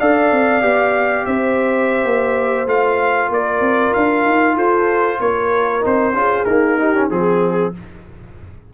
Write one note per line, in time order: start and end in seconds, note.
0.00 0.32 D4
0.00 0.62 A4
0.00 1.26 D5
0.00 1.26 F5
0.32 0.63 C4
0.62 1.26 B3
0.62 2.67 G4
1.26 2.04 C4
1.26 3.33 C5
1.26 2.68 E5
2.04 2.67 A#3
2.67 3.30 A3
2.67 5.82 F4
2.67 3.32 F5
3.30 3.61 A#3
3.30 4.56 A#4
3.30 3.94 D5
3.61 3.92 C4
3.94 4.25 D4
3.94 4.57 F5
4.25 4.56 D#4
4.56 5.20 F4
4.56 5.19 A4
4.56 5.21 C5
5.20 5.83 A#3
5.20 6.16 A#4
5.20 5.84 C#5
5.82 6.14 C4
5.82 6.13 D#4
5.82 6.45 C5
6.14 6.45 C#4
6.14 6.47 F4
6.14 6.79 G#4
6.45 6.79 A#3
6.45 7.10 D#4
6.45 7.08 A#4
6.79 6.95 D#4
6.79 7.10 G4
6.95 7.10 C#4
7.10 7.74 F3
7.10 7.73 C4
7.10 7.73 G#4
7.10 7.74 G#4